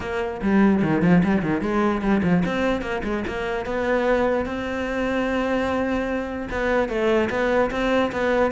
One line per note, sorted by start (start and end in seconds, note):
0.00 0.40 A#3
0.42 0.82 G3
0.82 1.02 D#3
1.02 1.22 F3
1.23 1.42 G3
1.42 1.61 D#3
1.61 2.01 G#3
2.01 2.21 G3
2.23 2.43 F3
2.45 2.81 C4
2.81 3.01 A#3
3.03 3.24 G#3
3.27 3.65 A#3
3.65 4.45 B3
4.45 6.48 C4
6.50 6.88 B3
6.88 7.29 A3
7.30 7.70 B3
7.70 8.11 C4
8.12 8.51 B3